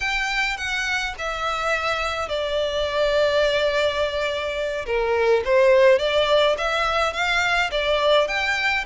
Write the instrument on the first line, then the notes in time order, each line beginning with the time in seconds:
violin
0.00 G5
0.57 F#5
1.18 E5
2.28 D5
4.86 A#4
5.44 C5
5.98 D5
6.57 E5
7.13 F5
7.71 D5
8.27 G5